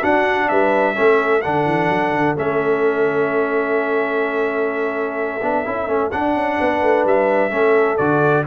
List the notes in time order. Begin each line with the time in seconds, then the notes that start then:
0.00 D4 F#4 F#5
0.48 G3 B4 E5
0.95 A3 C#4 A4
1.42 D3 D4 F#5
1.66 E3
1.89 F#3
2.12 D3
2.36 A3 C#4 E5
5.42 B3 D4
5.65 C#4 E4
5.87 A3 C#4
6.11 D4 F#5
6.35 C#4
6.60 B3 B4
6.82 A3
7.05 G3 E5
7.50 A3 C#4 A4
7.97 D3 F#4 D5